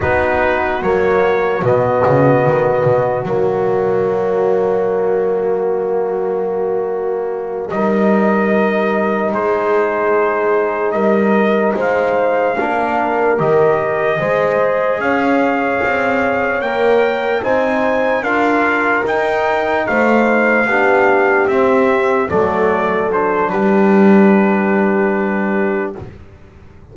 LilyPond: <<
  \new Staff \with { instrumentName = "trumpet" } { \time 4/4 \tempo 4 = 74 b'4 cis''4 dis''2 | cis''1~ | cis''4. dis''2 c''8~ | c''4. dis''4 f''4.~ |
f''8 dis''2 f''4.~ | f''8 g''4 gis''4 f''4 g''8~ | g''8 f''2 e''4 d''8~ | d''8 c''8 b'2. | }
  \new Staff \with { instrumentName = "horn" } { \time 4/4 fis'1~ | fis'1~ | fis'4. ais'2 gis'8~ | gis'4. ais'4 c''4 ais'8~ |
ais'4. c''4 cis''4.~ | cis''4. c''4 ais'4.~ | ais'8 c''4 g'2 a'8~ | a'4 g'2. | }
  \new Staff \with { instrumentName = "trombone" } { \time 4/4 dis'4 ais4 b2 | ais1~ | ais4. dis'2~ dis'8~ | dis'2.~ dis'8 d'8~ |
d'8 g'4 gis'2~ gis'8~ | gis'8 ais'4 dis'4 f'4 dis'8~ | dis'4. d'4 c'4 a8~ | a8 d'2.~ d'8 | }
  \new Staff \with { instrumentName = "double bass" } { \time 4/4 b4 fis4 b,8 cis8 dis8 b,8 | fis1~ | fis4. g2 gis8~ | gis4. g4 gis4 ais8~ |
ais8 dis4 gis4 cis'4 c'8~ | c'8 ais4 c'4 d'4 dis'8~ | dis'8 a4 b4 c'4 fis8~ | fis4 g2. | }
>>